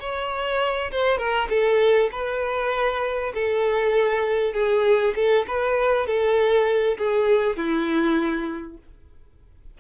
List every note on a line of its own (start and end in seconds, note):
0.00 0.91 C#5
0.91 1.18 C5
1.18 1.48 A#4
1.49 2.10 A4
2.12 3.33 B4
3.34 4.53 A4
4.53 5.14 G#4
5.15 5.46 A4
5.47 6.07 B4
6.07 6.98 A4
6.98 7.56 G#4
7.56 8.78 E4